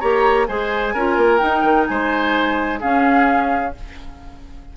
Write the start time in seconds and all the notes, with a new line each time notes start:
0.00 A#3 G4 C#5 A#5
0.47 G#3 G#4 C5 G#5
0.94 C#4 F4 A#4
1.17 A#3
1.38 D#4 G5
1.63 D#3
1.87 G#3 C5 G#5
2.80 C#4 G#4 F5